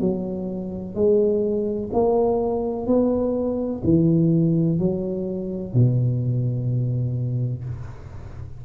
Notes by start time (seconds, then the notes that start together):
0.00 F#3
0.95 G#3
1.93 A#3
2.86 B3
3.84 E3
4.79 F#3
5.74 B2